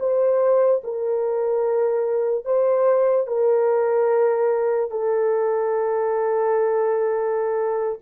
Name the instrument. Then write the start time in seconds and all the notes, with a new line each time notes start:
horn
0.00 C5
0.84 A#4
2.45 C5
3.27 A#4
4.91 A4